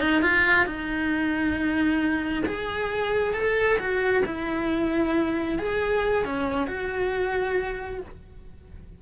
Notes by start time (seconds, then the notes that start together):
0.00 D#4
0.22 F4
0.66 D#4
2.46 G#4
3.34 A4
3.79 F#4
4.26 E4
5.59 G#4
6.25 C#4
6.67 F#4